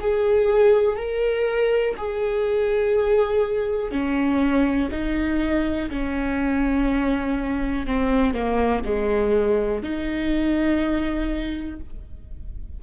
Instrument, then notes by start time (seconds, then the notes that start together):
viola
0.00 G#4
0.96 A#4
1.97 G#4
3.91 C#4
4.91 D#4
5.90 C#4
7.86 C4
8.34 A#3
8.85 G#3
9.83 D#4